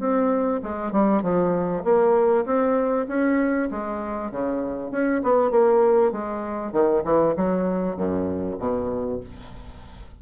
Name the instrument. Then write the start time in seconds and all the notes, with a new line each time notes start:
bassoon
0.00 C4
0.63 G#3
0.93 G3
1.23 F3
1.85 A#3
2.46 C4
3.09 C#4
3.72 G#3
4.32 C#3
4.91 C#4
5.23 B3
5.51 A#3
6.13 G#3
6.73 D#3
7.05 E3
7.37 F#3
7.97 F#2
8.59 B2